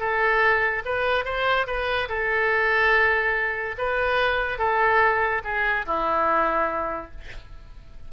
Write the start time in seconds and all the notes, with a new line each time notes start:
0.00 A4
0.86 B4
1.25 C5
1.67 B4
2.09 A4
3.78 B4
4.59 A4
5.45 G#4
5.87 E4